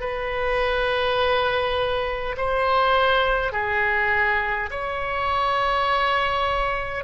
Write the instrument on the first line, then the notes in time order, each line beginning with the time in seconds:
oboe
0.00 B4
2.36 C5
3.52 G#4
4.70 C#5